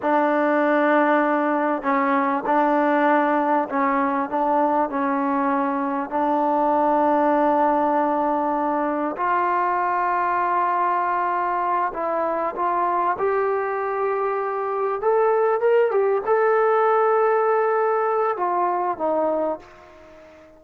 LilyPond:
\new Staff \with { instrumentName = "trombone" } { \time 4/4 \tempo 4 = 98 d'2. cis'4 | d'2 cis'4 d'4 | cis'2 d'2~ | d'2. f'4~ |
f'2.~ f'8 e'8~ | e'8 f'4 g'2~ g'8~ | g'8 a'4 ais'8 g'8 a'4.~ | a'2 f'4 dis'4 | }